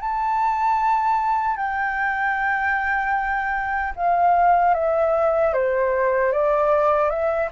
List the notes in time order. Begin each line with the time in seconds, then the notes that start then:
0.00 A5
1.57 G5
3.96 F5
4.74 E5
5.53 C5
6.32 D5
7.10 E5